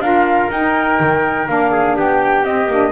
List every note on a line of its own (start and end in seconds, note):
0.00 0.48 D4
0.00 0.51 F4
0.00 1.72 A#4
0.00 0.50 F5
0.51 0.99 D#4
0.51 1.48 D#4
0.51 1.48 G5
1.00 1.49 D#3
1.48 1.97 A#3
1.48 2.44 D4
1.48 1.97 F5
1.72 1.96 G#4
1.96 2.44 B3
1.96 2.92 G4
1.96 2.45 G5
2.44 2.67 C4
2.44 2.69 C4
2.44 2.92 D#5
2.67 2.91 A#3
2.67 2.92 D4